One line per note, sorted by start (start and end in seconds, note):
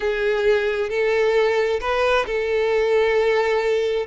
0.00 0.89 G#4
0.89 1.79 A4
1.80 2.25 B4
2.26 4.06 A4